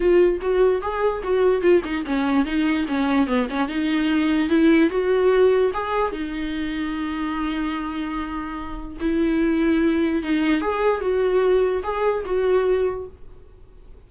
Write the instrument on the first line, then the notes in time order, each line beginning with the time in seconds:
viola
0.00 F4
0.41 F#4
0.81 G#4
1.23 F#4
1.61 F4
1.84 D#4
2.06 C#4
2.45 D#4
2.88 C#4
3.27 B3
3.50 C#4
3.68 D#4
4.49 E4
4.90 F#4
5.73 G#4
6.12 D#4
9.00 E4
10.22 D#4
10.61 G#4
11.01 F#4
11.83 G#4
12.25 F#4